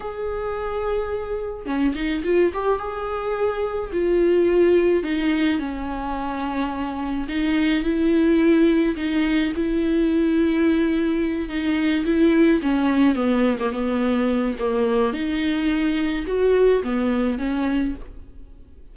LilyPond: \new Staff \with { instrumentName = "viola" } { \time 4/4 \tempo 4 = 107 gis'2. cis'8 dis'8 | f'8 g'8 gis'2 f'4~ | f'4 dis'4 cis'2~ | cis'4 dis'4 e'2 |
dis'4 e'2.~ | e'8 dis'4 e'4 cis'4 b8~ | b16 ais16 b4. ais4 dis'4~ | dis'4 fis'4 b4 cis'4 | }